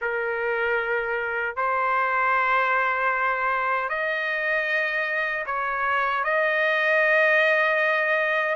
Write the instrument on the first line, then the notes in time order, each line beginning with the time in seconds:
trumpet
0.01 A#4
1.56 C5
3.89 D#5
5.45 C#5
6.23 D#5